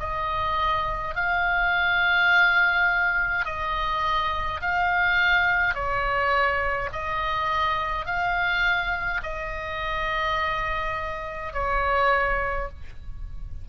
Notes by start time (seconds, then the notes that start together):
0.00 D#5
1.16 F5
3.46 D#5
4.62 F5
5.75 C#5
6.93 D#5
8.06 F5
9.23 D#5
11.54 C#5